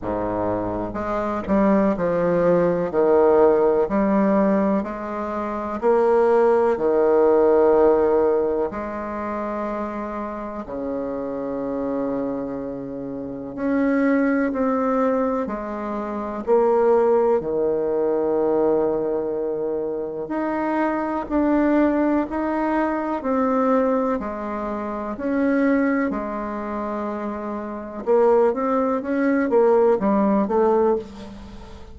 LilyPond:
\new Staff \with { instrumentName = "bassoon" } { \time 4/4 \tempo 4 = 62 gis,4 gis8 g8 f4 dis4 | g4 gis4 ais4 dis4~ | dis4 gis2 cis4~ | cis2 cis'4 c'4 |
gis4 ais4 dis2~ | dis4 dis'4 d'4 dis'4 | c'4 gis4 cis'4 gis4~ | gis4 ais8 c'8 cis'8 ais8 g8 a8 | }